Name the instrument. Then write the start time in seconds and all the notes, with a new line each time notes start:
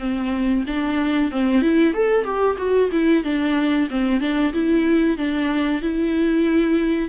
viola
0.00 C4
0.67 D4
1.32 C4
1.62 E4
1.94 A4
2.25 G4
2.58 F#4
2.92 E4
3.24 D4
3.91 C4
4.21 D4
4.54 E4
5.18 D4
5.82 E4